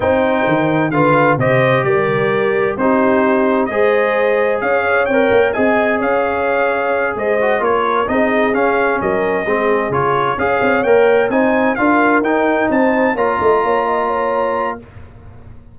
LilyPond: <<
  \new Staff \with { instrumentName = "trumpet" } { \time 4/4 \tempo 4 = 130 g''2 f''4 dis''4 | d''2 c''2 | dis''2 f''4 g''4 | gis''4 f''2~ f''8 dis''8~ |
dis''8 cis''4 dis''4 f''4 dis''8~ | dis''4. cis''4 f''4 g''8~ | g''8 gis''4 f''4 g''4 a''8~ | a''8 ais''2.~ ais''8 | }
  \new Staff \with { instrumentName = "horn" } { \time 4/4 c''2 b'4 c''4 | ais'2 g'2 | c''2 cis''2 | dis''4 cis''2~ cis''8 c''8~ |
c''8 ais'4 gis'2 ais'8~ | ais'8 gis'2 cis''4.~ | cis''8 c''4 ais'2 c''8~ | c''8 cis''8 dis''8 cis''8 dis''8 cis''4. | }
  \new Staff \with { instrumentName = "trombone" } { \time 4/4 dis'2 f'4 g'4~ | g'2 dis'2 | gis'2. ais'4 | gis'1 |
fis'8 f'4 dis'4 cis'4.~ | cis'8 c'4 f'4 gis'4 ais'8~ | ais'8 dis'4 f'4 dis'4.~ | dis'8 f'2.~ f'8 | }
  \new Staff \with { instrumentName = "tuba" } { \time 4/4 c'4 dis4 d4 c4 | g2 c'2 | gis2 cis'4 c'8 ais8 | c'4 cis'2~ cis'8 gis8~ |
gis8 ais4 c'4 cis'4 fis8~ | fis8 gis4 cis4 cis'8 c'8 ais8~ | ais8 c'4 d'4 dis'4 c'8~ | c'8 ais8 a8 ais2~ ais8 | }
>>